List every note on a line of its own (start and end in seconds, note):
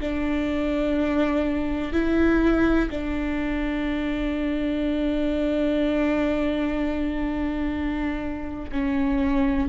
0.00 1.92 D4
1.92 2.89 E4
2.90 8.71 D4
8.71 9.68 C#4